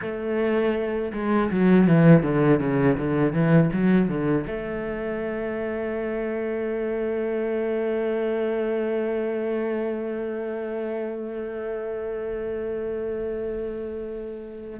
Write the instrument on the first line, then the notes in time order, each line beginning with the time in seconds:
cello
0.01 A3
1.13 G#3
1.51 F#3
1.87 E3
2.22 D3
2.60 C#3
2.97 D3
3.32 E3
3.72 F#3
4.08 D3
4.46 A3